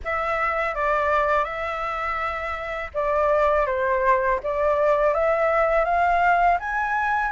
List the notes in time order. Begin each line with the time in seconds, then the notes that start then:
0.04 E5
0.74 D5
1.44 E5
2.94 D5
3.66 C5
4.43 D5
5.14 E5
5.84 F5
6.59 G#5